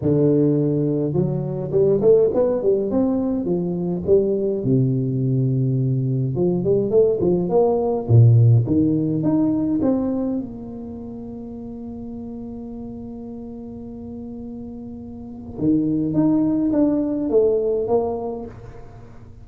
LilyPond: \new Staff \with { instrumentName = "tuba" } { \time 4/4 \tempo 4 = 104 d2 fis4 g8 a8 | b8 g8 c'4 f4 g4 | c2. f8 g8 | a8 f8 ais4 ais,4 dis4 |
dis'4 c'4 ais2~ | ais1~ | ais2. dis4 | dis'4 d'4 a4 ais4 | }